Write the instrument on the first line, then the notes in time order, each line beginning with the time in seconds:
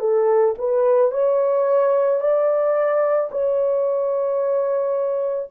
horn
0.00 A4
0.59 B4
1.12 C#5
2.21 D5
3.31 C#5